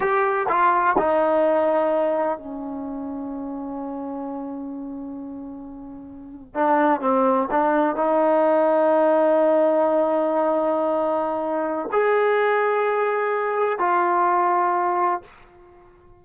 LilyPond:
\new Staff \with { instrumentName = "trombone" } { \time 4/4 \tempo 4 = 126 g'4 f'4 dis'2~ | dis'4 cis'2.~ | cis'1~ | cis'4.~ cis'16 d'4 c'4 d'16~ |
d'8. dis'2.~ dis'16~ | dis'1~ | dis'4 gis'2.~ | gis'4 f'2. | }